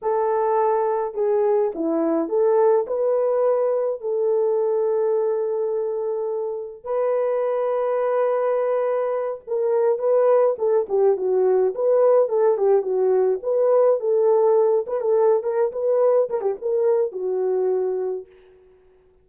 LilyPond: \new Staff \with { instrumentName = "horn" } { \time 4/4 \tempo 4 = 105 a'2 gis'4 e'4 | a'4 b'2 a'4~ | a'1 | b'1~ |
b'8 ais'4 b'4 a'8 g'8 fis'8~ | fis'8 b'4 a'8 g'8 fis'4 b'8~ | b'8 a'4. b'16 a'8. ais'8 b'8~ | b'8 ais'16 g'16 ais'4 fis'2 | }